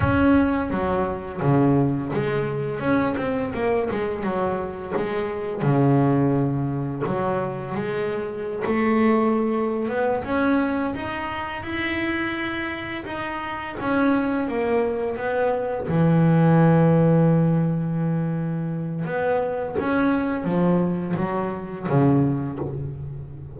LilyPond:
\new Staff \with { instrumentName = "double bass" } { \time 4/4 \tempo 4 = 85 cis'4 fis4 cis4 gis4 | cis'8 c'8 ais8 gis8 fis4 gis4 | cis2 fis4 gis4~ | gis16 a4.~ a16 b8 cis'4 dis'8~ |
dis'8 e'2 dis'4 cis'8~ | cis'8 ais4 b4 e4.~ | e2. b4 | cis'4 f4 fis4 cis4 | }